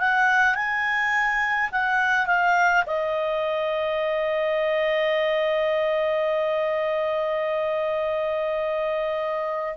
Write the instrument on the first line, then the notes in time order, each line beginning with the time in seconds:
clarinet
0.00 F#5
0.55 G#5
1.72 F#5
2.27 F5
2.86 D#5